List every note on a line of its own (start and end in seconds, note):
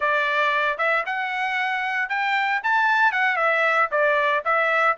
0.00 0.78 D5
0.78 1.04 E5
1.06 2.09 F#5
2.09 2.61 G5
2.63 3.12 A5
3.12 3.36 F#5
3.36 3.88 E5
3.91 4.43 D5
4.44 4.96 E5